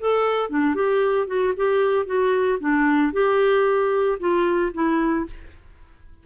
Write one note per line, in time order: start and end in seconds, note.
0.00 0.50 A4
0.50 0.75 D4
0.75 1.27 G4
1.27 1.53 F#4
1.56 2.06 G4
2.06 2.59 F#4
2.60 3.13 D4
3.13 4.18 G4
4.19 4.72 F4
4.73 5.26 E4